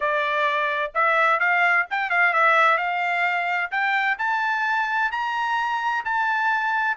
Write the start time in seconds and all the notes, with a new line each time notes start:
0.00 D5
0.94 E5
1.39 F5
1.90 G5
2.10 F5
2.33 E5
2.77 F5
3.71 G5
4.18 A5
5.11 A#5
6.04 A5